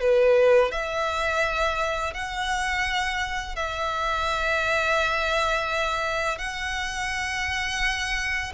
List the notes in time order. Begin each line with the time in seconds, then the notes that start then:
0.00 B4
0.71 E5
2.13 F#5
3.56 E5
6.38 F#5